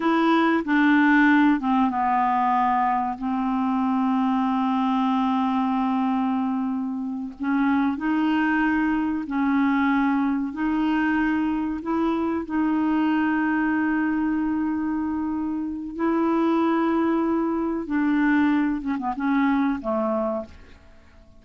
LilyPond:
\new Staff \with { instrumentName = "clarinet" } { \time 4/4 \tempo 4 = 94 e'4 d'4. c'8 b4~ | b4 c'2.~ | c'2.~ c'8 cis'8~ | cis'8 dis'2 cis'4.~ |
cis'8 dis'2 e'4 dis'8~ | dis'1~ | dis'4 e'2. | d'4. cis'16 b16 cis'4 a4 | }